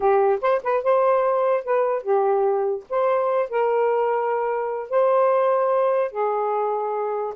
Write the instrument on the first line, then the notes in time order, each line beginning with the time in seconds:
saxophone
0.00 G4
0.41 C5
0.63 B4
0.83 C5
1.64 B4
2.02 G4
2.89 C5
3.49 A#4
4.89 C5
6.11 G#4